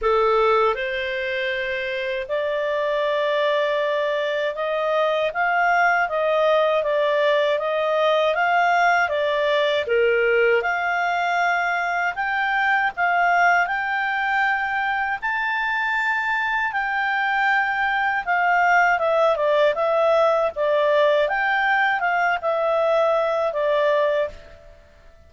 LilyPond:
\new Staff \with { instrumentName = "clarinet" } { \time 4/4 \tempo 4 = 79 a'4 c''2 d''4~ | d''2 dis''4 f''4 | dis''4 d''4 dis''4 f''4 | d''4 ais'4 f''2 |
g''4 f''4 g''2 | a''2 g''2 | f''4 e''8 d''8 e''4 d''4 | g''4 f''8 e''4. d''4 | }